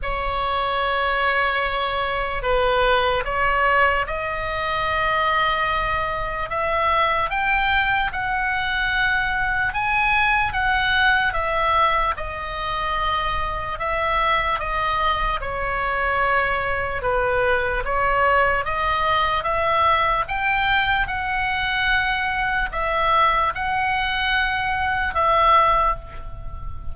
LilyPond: \new Staff \with { instrumentName = "oboe" } { \time 4/4 \tempo 4 = 74 cis''2. b'4 | cis''4 dis''2. | e''4 g''4 fis''2 | gis''4 fis''4 e''4 dis''4~ |
dis''4 e''4 dis''4 cis''4~ | cis''4 b'4 cis''4 dis''4 | e''4 g''4 fis''2 | e''4 fis''2 e''4 | }